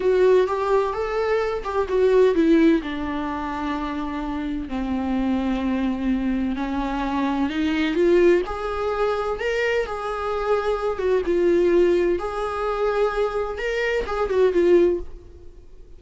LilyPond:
\new Staff \with { instrumentName = "viola" } { \time 4/4 \tempo 4 = 128 fis'4 g'4 a'4. g'8 | fis'4 e'4 d'2~ | d'2 c'2~ | c'2 cis'2 |
dis'4 f'4 gis'2 | ais'4 gis'2~ gis'8 fis'8 | f'2 gis'2~ | gis'4 ais'4 gis'8 fis'8 f'4 | }